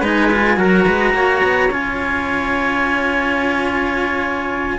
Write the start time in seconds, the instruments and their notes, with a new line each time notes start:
0.00 cello G#3 D#4, trumpet B4
0.06 clarinet G#5
0.31 cello F4
0.56 cello F#3 F#4, trumpet A#4, clarinet A#5
0.85 cello G#3, trumpet B4
1.13 cello A#3, trumpet C#5
1.43 cello B3
1.70 cello C#4 F4, clarinet G#5